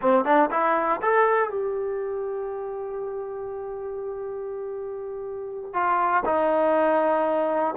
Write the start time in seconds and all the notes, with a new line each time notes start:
0.01 C4
0.24 D4
0.50 E4
1.01 A4
1.50 G4
5.73 F4
6.25 D#4